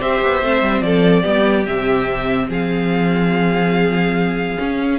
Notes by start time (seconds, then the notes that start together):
0.00 C4 G4 C5 E5
0.22 B3
0.42 A3 C4
0.61 G3
0.81 F3 A4 D5
1.23 G3 B3 G4
1.66 C3 C4 E5
2.49 F3 G#4 F5
4.58 C#4